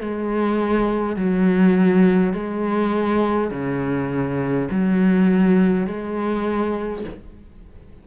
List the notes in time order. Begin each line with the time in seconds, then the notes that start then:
0.00 G#3
1.16 F#3
2.33 G#3
3.50 C#3
4.70 F#3
5.87 G#3